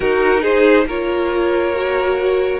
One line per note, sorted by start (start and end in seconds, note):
0.00 0.85 D#4
0.00 0.88 D#4
0.00 0.41 F#4
0.00 0.43 A#4
0.41 0.84 G#4
0.41 0.86 C5
0.85 2.59 A#3
0.85 1.74 F4
0.85 2.59 A#4
0.85 2.59 C#5
1.74 2.59 F#4